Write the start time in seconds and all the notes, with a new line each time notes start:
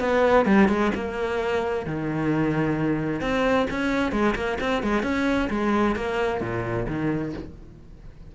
0.00 B3
0.46 G3
0.68 G#3
0.95 A#3
1.86 D#3
3.21 C4
3.71 C#4
4.12 G#3
4.36 A#3
4.61 C4
4.83 G#3
5.03 C#4
5.50 G#3
5.96 A#3
6.41 A#2
6.88 D#3